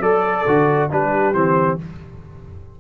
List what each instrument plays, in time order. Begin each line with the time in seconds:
0.00 tuba F#3, trombone A4, horn A4, trumpet D5
0.47 tuba D3, trombone F#4
0.91 tuba G3, trombone D4, horn G4, trumpet B4
1.34 tuba E3, trombone C4, trumpet C5